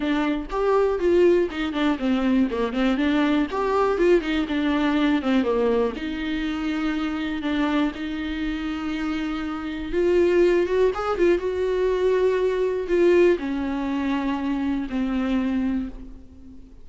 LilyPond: \new Staff \with { instrumentName = "viola" } { \time 4/4 \tempo 4 = 121 d'4 g'4 f'4 dis'8 d'8 | c'4 ais8 c'8 d'4 g'4 | f'8 dis'8 d'4. c'8 ais4 | dis'2. d'4 |
dis'1 | f'4. fis'8 gis'8 f'8 fis'4~ | fis'2 f'4 cis'4~ | cis'2 c'2 | }